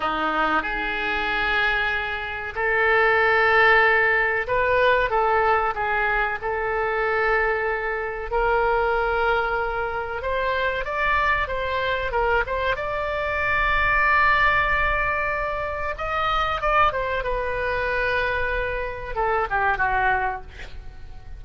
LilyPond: \new Staff \with { instrumentName = "oboe" } { \time 4/4 \tempo 4 = 94 dis'4 gis'2. | a'2. b'4 | a'4 gis'4 a'2~ | a'4 ais'2. |
c''4 d''4 c''4 ais'8 c''8 | d''1~ | d''4 dis''4 d''8 c''8 b'4~ | b'2 a'8 g'8 fis'4 | }